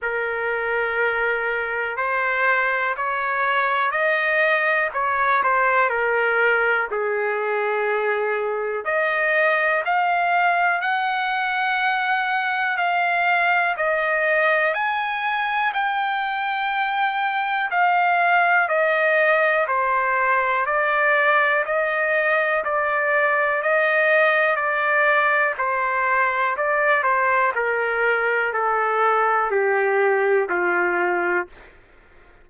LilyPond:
\new Staff \with { instrumentName = "trumpet" } { \time 4/4 \tempo 4 = 61 ais'2 c''4 cis''4 | dis''4 cis''8 c''8 ais'4 gis'4~ | gis'4 dis''4 f''4 fis''4~ | fis''4 f''4 dis''4 gis''4 |
g''2 f''4 dis''4 | c''4 d''4 dis''4 d''4 | dis''4 d''4 c''4 d''8 c''8 | ais'4 a'4 g'4 f'4 | }